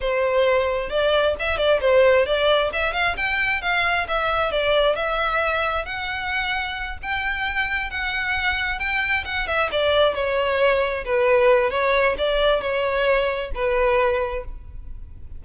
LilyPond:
\new Staff \with { instrumentName = "violin" } { \time 4/4 \tempo 4 = 133 c''2 d''4 e''8 d''8 | c''4 d''4 e''8 f''8 g''4 | f''4 e''4 d''4 e''4~ | e''4 fis''2~ fis''8 g''8~ |
g''4. fis''2 g''8~ | g''8 fis''8 e''8 d''4 cis''4.~ | cis''8 b'4. cis''4 d''4 | cis''2 b'2 | }